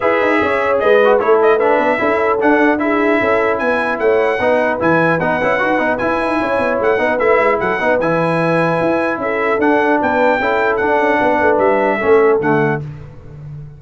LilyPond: <<
  \new Staff \with { instrumentName = "trumpet" } { \time 4/4 \tempo 4 = 150 e''2 dis''4 cis''8 dis''8 | e''2 fis''4 e''4~ | e''4 gis''4 fis''2 | gis''4 fis''2 gis''4~ |
gis''4 fis''4 e''4 fis''4 | gis''2. e''4 | fis''4 g''2 fis''4~ | fis''4 e''2 fis''4 | }
  \new Staff \with { instrumentName = "horn" } { \time 4/4 b'4 cis''4 b'4 a'4 | b'4 a'2 gis'4 | a'4 b'4 cis''4 b'4~ | b'1 |
cis''4. b'4. a'8 b'8~ | b'2. a'4~ | a'4 b'4 a'2 | b'2 a'2 | }
  \new Staff \with { instrumentName = "trombone" } { \time 4/4 gis'2~ gis'8 fis'8 e'4 | d'4 e'4 d'4 e'4~ | e'2. dis'4 | e'4 dis'8 e'8 fis'8 dis'8 e'4~ |
e'4. dis'8 e'4. dis'8 | e'1 | d'2 e'4 d'4~ | d'2 cis'4 a4 | }
  \new Staff \with { instrumentName = "tuba" } { \time 4/4 e'8 dis'8 cis'4 gis4 a4~ | a8 b8 cis'4 d'2 | cis'4 b4 a4 b4 | e4 b8 cis'8 dis'8 b8 e'8 dis'8 |
cis'8 b8 a8 b8 a8 gis8 fis8 b8 | e2 e'4 cis'4 | d'4 b4 cis'4 d'8 cis'8 | b8 a8 g4 a4 d4 | }
>>